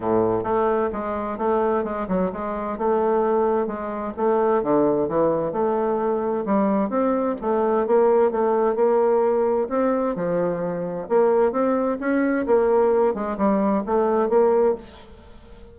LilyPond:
\new Staff \with { instrumentName = "bassoon" } { \time 4/4 \tempo 4 = 130 a,4 a4 gis4 a4 | gis8 fis8 gis4 a2 | gis4 a4 d4 e4 | a2 g4 c'4 |
a4 ais4 a4 ais4~ | ais4 c'4 f2 | ais4 c'4 cis'4 ais4~ | ais8 gis8 g4 a4 ais4 | }